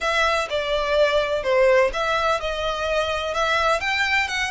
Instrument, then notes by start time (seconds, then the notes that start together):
violin
0.00 E5
0.49 D5
1.43 C5
1.93 E5
2.40 D#5
3.34 E5
3.80 G5
4.28 F#5